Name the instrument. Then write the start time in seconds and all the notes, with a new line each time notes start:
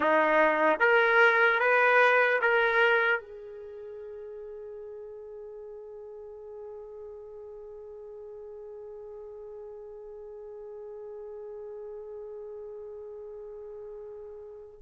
trumpet
0.00 D#4
0.79 A#4
1.59 B4
2.41 A#4
3.20 G#4